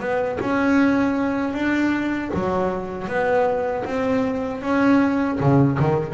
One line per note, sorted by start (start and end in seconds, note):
0.00 0.38 B3
0.40 1.54 C#4
1.54 2.31 D4
2.34 3.08 F#3
3.08 3.85 B3
3.85 4.62 C4
4.62 5.39 C#4
5.40 5.78 C#3
5.79 6.14 D#3